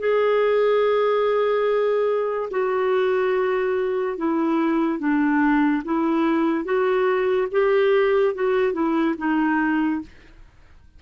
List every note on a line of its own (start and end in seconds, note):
0.00 2.50 G#4
2.51 4.17 F#4
4.17 5.00 E4
5.00 5.83 D4
5.85 6.65 E4
6.65 7.48 F#4
7.52 8.35 G4
8.35 8.73 F#4
8.73 9.15 E4
9.18 10.02 D#4